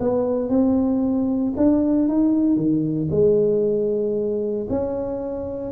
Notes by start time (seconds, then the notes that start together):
0.00 B3
0.49 C4
1.57 D4
2.08 D#4
2.56 D#3
3.11 G#3
4.70 C#4